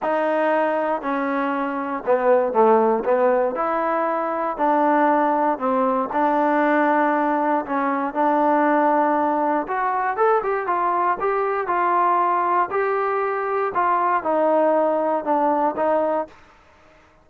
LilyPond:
\new Staff \with { instrumentName = "trombone" } { \time 4/4 \tempo 4 = 118 dis'2 cis'2 | b4 a4 b4 e'4~ | e'4 d'2 c'4 | d'2. cis'4 |
d'2. fis'4 | a'8 g'8 f'4 g'4 f'4~ | f'4 g'2 f'4 | dis'2 d'4 dis'4 | }